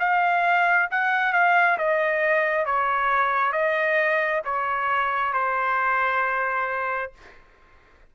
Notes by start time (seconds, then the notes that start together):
0.00 F5
0.91 F#5
1.33 F5
1.78 D#5
2.66 C#5
3.53 D#5
4.45 C#5
5.34 C5